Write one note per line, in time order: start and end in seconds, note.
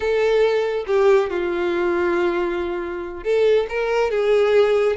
0.00 0.85 A4
0.86 1.29 G4
1.30 3.23 F4
3.23 3.67 A4
3.69 4.10 A#4
4.10 4.96 G#4